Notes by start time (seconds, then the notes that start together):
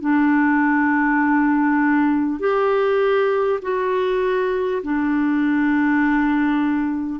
0.00 D4
2.39 G4
3.62 F#4
4.82 D4